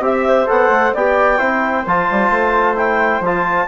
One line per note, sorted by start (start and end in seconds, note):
0.00 0.46 C4
0.00 0.47 G4
0.00 0.27 E5
0.00 0.48 E5
0.28 0.94 C5
0.47 0.69 B3
0.47 0.93 A4
0.47 0.94 F#5
0.69 0.92 A3
0.94 1.40 B3
0.94 1.38 G4
0.94 1.38 D5
0.94 1.87 G5
1.38 1.86 C4
1.38 1.84 E4
1.38 3.67 C5
1.86 2.09 F3
1.86 2.76 F4
1.86 2.77 A5
2.11 2.30 G3
2.30 3.20 A3
2.76 3.22 E4
2.76 3.23 G5
3.20 3.66 F3
3.20 3.68 F4
3.20 3.68 A5